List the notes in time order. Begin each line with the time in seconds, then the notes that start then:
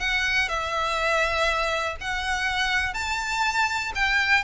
0.00 F#5
0.49 E5
2.01 F#5
2.94 A5
3.95 G5